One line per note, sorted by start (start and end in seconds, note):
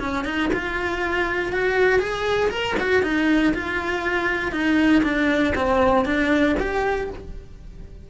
0.00 0.25 C#4
0.25 0.50 D#4
0.54 1.53 F4
1.53 2.00 F#4
2.00 2.50 G#4
2.50 2.75 A#4
2.80 3.03 F#4
3.03 3.54 D#4
3.54 4.53 F4
4.53 5.03 D#4
5.04 5.54 D4
5.56 6.06 C4
6.06 6.56 D4
6.60 7.10 G4